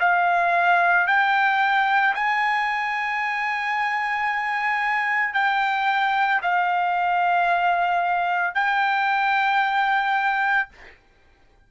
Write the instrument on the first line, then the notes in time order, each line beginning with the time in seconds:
trumpet
0.00 F5
1.08 G5
2.15 G#5
5.34 G5
6.43 F5
8.55 G5